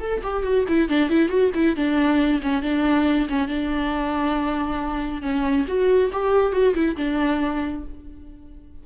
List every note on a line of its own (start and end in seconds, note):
0.00 0.22 A4
0.23 0.43 G4
0.43 0.65 F#4
0.68 0.89 E4
0.89 1.09 D4
1.09 1.29 E4
1.29 1.51 F#4
1.54 1.76 E4
1.76 2.41 D4
2.42 2.62 C#4
2.62 3.28 D4
3.29 3.48 C#4
3.48 5.22 D4
5.22 5.65 C#4
5.67 6.11 F#4
6.12 6.52 G4
6.52 6.74 F#4
6.74 6.96 E4
6.96 7.83 D4